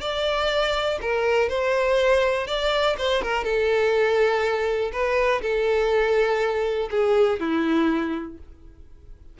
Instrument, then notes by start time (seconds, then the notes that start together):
violin
0.00 D5
1.01 A#4
1.49 C5
2.47 D5
2.98 C5
3.22 A#4
3.44 A4
4.92 B4
5.41 A4
6.90 G#4
7.39 E4